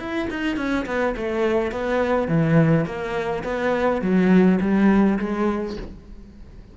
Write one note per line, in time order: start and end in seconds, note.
0.00 0.29 E4
0.30 0.57 D#4
0.57 0.86 C#4
0.87 1.15 B3
1.17 1.72 A3
1.72 2.28 B3
2.28 2.86 E3
2.86 3.44 A#3
3.44 4.02 B3
4.02 4.60 F#3
4.61 5.19 G3
5.19 5.77 G#3